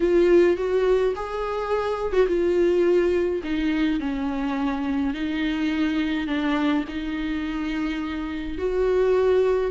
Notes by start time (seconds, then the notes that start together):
0.00 F4
0.56 F#4
1.15 G#4
2.12 F#4
2.27 F4
3.43 D#4
4.00 C#4
5.14 D#4
6.27 D4
6.88 D#4
8.58 F#4